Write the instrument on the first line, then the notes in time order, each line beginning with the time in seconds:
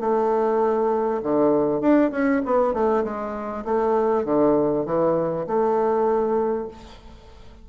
bassoon
0.00 A3
1.23 D3
1.81 D4
2.11 C#4
2.45 B3
2.74 A3
3.04 G#3
3.65 A3
4.25 D3
4.85 E3
5.47 A3